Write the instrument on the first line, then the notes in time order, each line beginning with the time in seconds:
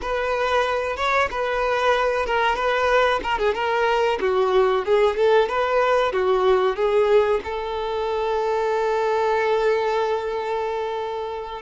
violin
0.01 B4
0.96 C#5
1.30 B4
2.26 A#4
2.55 B4
3.23 A#4
3.38 G#4
3.54 A#4
4.20 F#4
4.85 G#4
5.16 A4
5.48 B4
6.12 F#4
6.76 G#4
7.43 A4